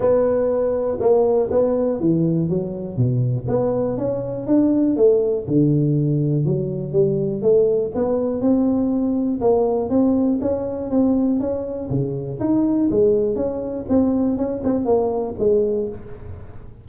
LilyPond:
\new Staff \with { instrumentName = "tuba" } { \time 4/4 \tempo 4 = 121 b2 ais4 b4 | e4 fis4 b,4 b4 | cis'4 d'4 a4 d4~ | d4 fis4 g4 a4 |
b4 c'2 ais4 | c'4 cis'4 c'4 cis'4 | cis4 dis'4 gis4 cis'4 | c'4 cis'8 c'8 ais4 gis4 | }